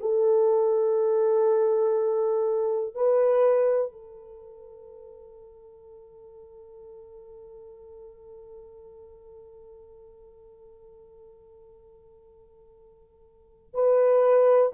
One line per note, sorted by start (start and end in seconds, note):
0.00 2.95 A4
2.95 3.92 B4
3.92 13.73 A4
13.73 14.72 B4